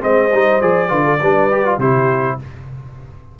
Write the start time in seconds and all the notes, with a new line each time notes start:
0.00 G#3 C4 C5 D#5
0.32 G3 D#4
0.62 F3 G#4 D5
0.89 D3 F4 B4
1.05 A4
1.21 G3 D4 B4
1.51 G4
1.65 F4
1.78 C3 E4 G4 C5